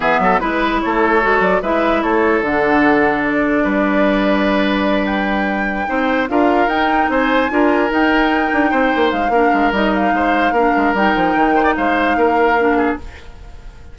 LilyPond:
<<
  \new Staff \with { instrumentName = "flute" } { \time 4/4 \tempo 4 = 148 e''4 b'4 cis''4. d''8 | e''4 cis''4 fis''2 | d''1~ | d''8 g''2. f''8~ |
f''8 g''4 gis''2 g''8~ | g''2~ g''8 f''4. | dis''8 f''2~ f''8 g''4~ | g''4 f''2. | }
  \new Staff \with { instrumentName = "oboe" } { \time 4/4 gis'8 a'8 b'4 a'2 | b'4 a'2.~ | a'4 b'2.~ | b'2~ b'8 c''4 ais'8~ |
ais'4. c''4 ais'4.~ | ais'4. c''4. ais'4~ | ais'4 c''4 ais'2~ | ais'8 c''16 d''16 c''4 ais'4. gis'8 | }
  \new Staff \with { instrumentName = "clarinet" } { \time 4/4 b4 e'2 fis'4 | e'2 d'2~ | d'1~ | d'2~ d'8 dis'4 f'8~ |
f'8 dis'2 f'4 dis'8~ | dis'2. d'4 | dis'2 d'4 dis'4~ | dis'2. d'4 | }
  \new Staff \with { instrumentName = "bassoon" } { \time 4/4 e8 fis8 gis4 a4 gis8 fis8 | gis4 a4 d2~ | d4 g2.~ | g2~ g8 c'4 d'8~ |
d'8 dis'4 c'4 d'4 dis'8~ | dis'4 d'8 c'8 ais8 gis8 ais8 gis8 | g4 gis4 ais8 gis8 g8 f8 | dis4 gis4 ais2 | }
>>